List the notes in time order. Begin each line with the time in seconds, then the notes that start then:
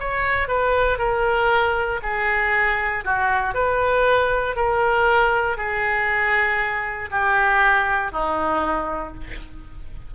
0.00 C#5
0.48 B4
0.98 A#4
2.02 G#4
3.05 F#4
3.55 B4
4.56 A#4
5.57 G#4
7.11 G4
8.12 D#4